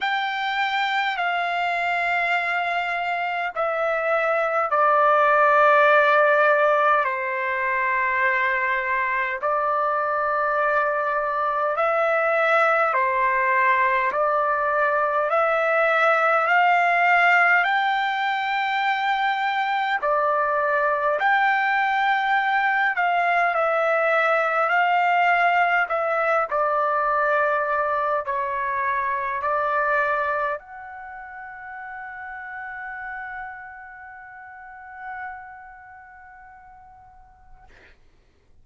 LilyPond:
\new Staff \with { instrumentName = "trumpet" } { \time 4/4 \tempo 4 = 51 g''4 f''2 e''4 | d''2 c''2 | d''2 e''4 c''4 | d''4 e''4 f''4 g''4~ |
g''4 d''4 g''4. f''8 | e''4 f''4 e''8 d''4. | cis''4 d''4 fis''2~ | fis''1 | }